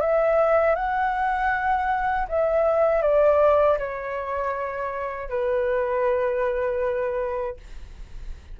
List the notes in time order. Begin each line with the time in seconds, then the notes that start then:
0.00 E5
0.75 F#5
2.28 E5
3.02 D5
3.78 C#5
5.29 B4